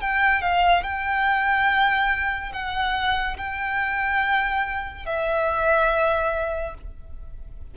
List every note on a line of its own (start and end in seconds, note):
0.00 0.41 G5
0.41 0.83 F5
0.83 2.52 G5
2.52 3.36 F#5
3.37 5.05 G5
5.05 6.74 E5